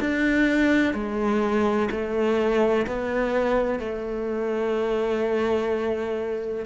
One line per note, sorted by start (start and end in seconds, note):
0.00 0.94 D4
0.94 1.89 G#3
1.90 2.86 A3
2.86 3.79 B3
3.79 6.65 A3